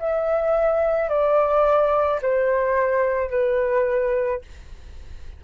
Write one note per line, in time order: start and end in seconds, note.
0.00 1.10 E5
1.10 2.21 D5
2.22 3.31 C5
3.31 4.42 B4